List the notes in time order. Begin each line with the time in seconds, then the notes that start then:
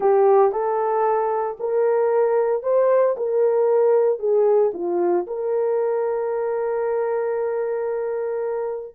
0.00 G4
0.52 A4
1.59 A#4
2.62 C5
3.17 A#4
4.19 G#4
4.73 F4
5.26 A#4